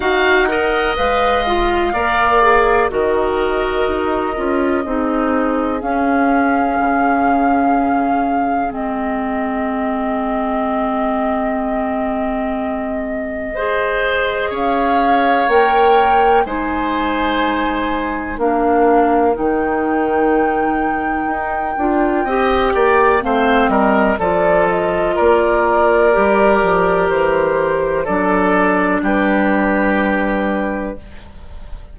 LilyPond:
<<
  \new Staff \with { instrumentName = "flute" } { \time 4/4 \tempo 4 = 62 fis''4 f''2 dis''4~ | dis''2 f''2~ | f''4 dis''2.~ | dis''2. f''4 |
g''4 gis''2 f''4 | g''1 | f''8 dis''8 d''8 dis''8 d''2 | c''4 d''4 b'2 | }
  \new Staff \with { instrumentName = "oboe" } { \time 4/4 f''8 dis''4. d''4 ais'4~ | ais'4 gis'2.~ | gis'1~ | gis'2 c''4 cis''4~ |
cis''4 c''2 ais'4~ | ais'2. dis''8 d''8 | c''8 ais'8 a'4 ais'2~ | ais'4 a'4 g'2 | }
  \new Staff \with { instrumentName = "clarinet" } { \time 4/4 fis'8 ais'8 b'8 f'8 ais'8 gis'8 fis'4~ | fis'8 f'8 dis'4 cis'2~ | cis'4 c'2.~ | c'2 gis'2 |
ais'4 dis'2 d'4 | dis'2~ dis'8 f'8 g'4 | c'4 f'2 g'4~ | g'4 d'2. | }
  \new Staff \with { instrumentName = "bassoon" } { \time 4/4 dis'4 gis4 ais4 dis4 | dis'8 cis'8 c'4 cis'4 cis4~ | cis4 gis2.~ | gis2. cis'4 |
ais4 gis2 ais4 | dis2 dis'8 d'8 c'8 ais8 | a8 g8 f4 ais4 g8 f8 | e4 fis4 g2 | }
>>